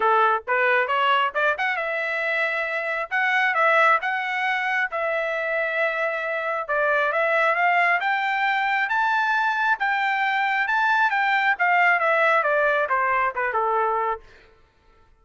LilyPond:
\new Staff \with { instrumentName = "trumpet" } { \time 4/4 \tempo 4 = 135 a'4 b'4 cis''4 d''8 fis''8 | e''2. fis''4 | e''4 fis''2 e''4~ | e''2. d''4 |
e''4 f''4 g''2 | a''2 g''2 | a''4 g''4 f''4 e''4 | d''4 c''4 b'8 a'4. | }